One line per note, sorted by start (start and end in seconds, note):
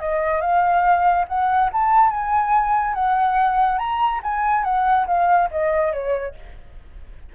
0.00 0.41 D#5
0.41 1.26 F5
1.28 1.70 F#5
1.73 2.11 A5
2.11 2.95 G#5
2.95 3.79 F#5
3.79 4.21 A#5
4.23 4.64 G#5
4.64 5.06 F#5
5.07 5.49 F5
5.51 5.93 D#5
5.93 6.35 C#5